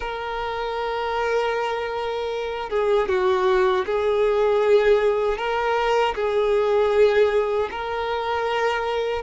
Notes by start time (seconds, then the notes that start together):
0.00 A#4
2.69 G#4
3.08 F#4
3.85 G#4
5.37 A#4
6.15 G#4
7.70 A#4